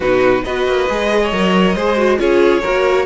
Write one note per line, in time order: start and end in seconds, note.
0.00 0.42 B2
0.00 0.45 D#4
0.00 0.43 F#4
0.00 0.44 B4
0.44 0.67 B3
0.44 0.89 F#4
0.44 1.21 B4
0.44 2.19 D#5
0.67 0.89 A#3
0.89 1.32 G#3
0.89 1.32 G#4
1.22 1.75 C#5
1.32 1.75 F#3
1.32 1.76 A#4
1.75 2.18 G#3
1.75 1.96 G#4
1.75 2.19 C5
1.96 2.17 F#4
2.17 2.62 C#4
2.17 2.61 F4
2.17 2.61 G#4
2.17 3.05 C#5
2.61 3.05 A#3
2.61 3.05 F#4
2.61 3.05 A#4